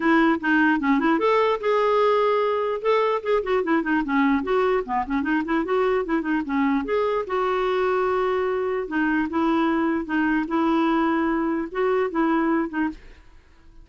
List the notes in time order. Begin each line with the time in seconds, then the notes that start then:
0.00 E4
0.40 D#4
0.79 C#4
0.99 E4
1.19 A4
1.60 G#4
2.81 A4
3.22 G#4
3.43 F#4
3.63 E4
3.83 D#4
4.04 C#4
4.43 F#4
4.85 B3
5.06 C#4
5.22 D#4
5.45 E4
5.64 F#4
6.05 E4
6.21 D#4
6.45 C#4
6.85 G#4
7.26 F#4
8.87 D#4
9.29 E4
10.05 D#4
10.47 E4
11.71 F#4
12.10 E4
12.69 D#4